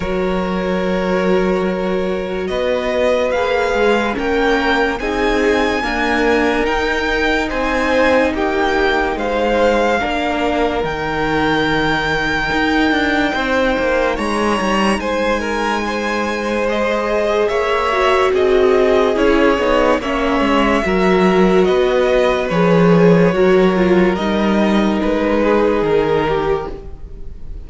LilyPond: <<
  \new Staff \with { instrumentName = "violin" } { \time 4/4 \tempo 4 = 72 cis''2. dis''4 | f''4 g''4 gis''2 | g''4 gis''4 g''4 f''4~ | f''4 g''2.~ |
g''4 ais''4 gis''2 | dis''4 e''4 dis''4 cis''4 | e''2 dis''4 cis''4~ | cis''4 dis''4 b'4 ais'4 | }
  \new Staff \with { instrumentName = "violin" } { \time 4/4 ais'2. b'4~ | b'4 ais'4 gis'4 ais'4~ | ais'4 c''4 g'4 c''4 | ais'1 |
c''4 cis''4 c''8 ais'8 c''4~ | c''4 cis''4 gis'2 | cis''4 ais'4 b'2 | ais'2~ ais'8 gis'4 g'8 | }
  \new Staff \with { instrumentName = "viola" } { \time 4/4 fis'1 | gis'4 cis'4 dis'4 ais4 | dis'1 | d'4 dis'2.~ |
dis'1 | gis'4. fis'4. e'8 dis'8 | cis'4 fis'2 gis'4 | fis'8 f'8 dis'2. | }
  \new Staff \with { instrumentName = "cello" } { \time 4/4 fis2. b4 | ais8 gis8 ais4 c'4 d'4 | dis'4 c'4 ais4 gis4 | ais4 dis2 dis'8 d'8 |
c'8 ais8 gis8 g8 gis2~ | gis4 ais4 c'4 cis'8 b8 | ais8 gis8 fis4 b4 f4 | fis4 g4 gis4 dis4 | }
>>